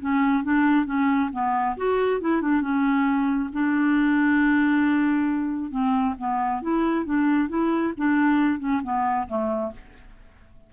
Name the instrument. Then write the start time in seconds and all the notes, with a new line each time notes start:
clarinet
0.00 C#4
0.44 D4
0.85 C#4
1.32 B3
1.77 F#4
2.21 E4
2.41 D4
2.61 C#4
3.52 D4
5.71 C4
6.18 B3
6.62 E4
7.05 D4
7.49 E4
7.97 D4
8.59 C#4
8.83 B3
9.28 A3